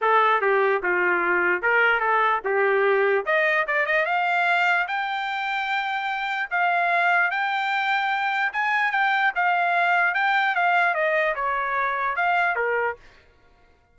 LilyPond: \new Staff \with { instrumentName = "trumpet" } { \time 4/4 \tempo 4 = 148 a'4 g'4 f'2 | ais'4 a'4 g'2 | dis''4 d''8 dis''8 f''2 | g''1 |
f''2 g''2~ | g''4 gis''4 g''4 f''4~ | f''4 g''4 f''4 dis''4 | cis''2 f''4 ais'4 | }